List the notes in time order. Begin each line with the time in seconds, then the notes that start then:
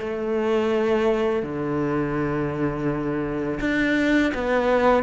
0.00 A3
1.43 D3
3.60 D4
4.34 B3